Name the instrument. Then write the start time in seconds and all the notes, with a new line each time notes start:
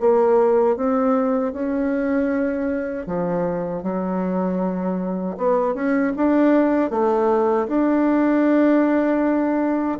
bassoon
0.00 A#3
0.76 C4
1.52 C#4
3.06 F3
3.83 F#3
5.37 B3
5.74 C#4
6.16 D4
6.90 A3
7.67 D4